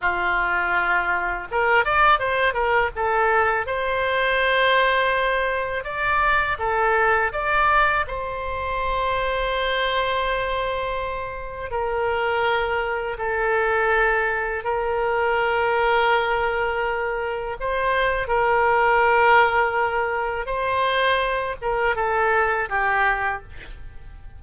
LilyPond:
\new Staff \with { instrumentName = "oboe" } { \time 4/4 \tempo 4 = 82 f'2 ais'8 d''8 c''8 ais'8 | a'4 c''2. | d''4 a'4 d''4 c''4~ | c''1 |
ais'2 a'2 | ais'1 | c''4 ais'2. | c''4. ais'8 a'4 g'4 | }